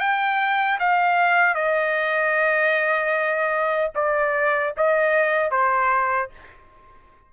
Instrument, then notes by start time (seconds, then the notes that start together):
trumpet
0.00 G5
0.80 F5
1.55 D#5
3.95 D5
4.77 D#5
5.51 C5